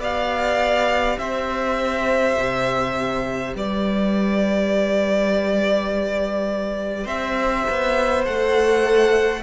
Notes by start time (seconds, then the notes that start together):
0.00 B3 G4 D5 F5
1.18 C4 C5 E5
2.38 C3
3.55 G3 B4 D5
7.04 C4 C5 E5
7.70 B3
8.25 A3 A4 F#5